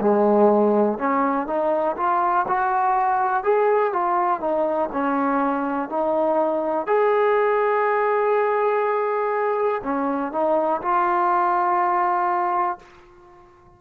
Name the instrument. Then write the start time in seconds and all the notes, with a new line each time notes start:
trombone
0.00 G#3
0.98 C#4
1.47 D#4
1.97 F4
2.48 F#4
3.43 G#4
3.93 F4
4.40 D#4
4.92 C#4
5.89 D#4
6.87 G#4
9.84 C#4
10.32 D#4
10.82 F4